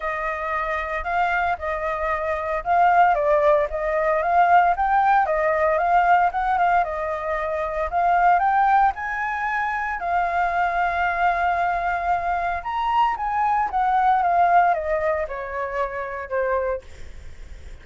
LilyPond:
\new Staff \with { instrumentName = "flute" } { \time 4/4 \tempo 4 = 114 dis''2 f''4 dis''4~ | dis''4 f''4 d''4 dis''4 | f''4 g''4 dis''4 f''4 | fis''8 f''8 dis''2 f''4 |
g''4 gis''2 f''4~ | f''1 | ais''4 gis''4 fis''4 f''4 | dis''4 cis''2 c''4 | }